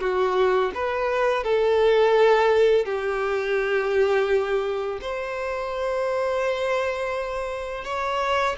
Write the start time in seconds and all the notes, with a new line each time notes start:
0.00 F#4
0.75 B4
1.44 A4
2.85 G4
5.02 C5
7.84 C#5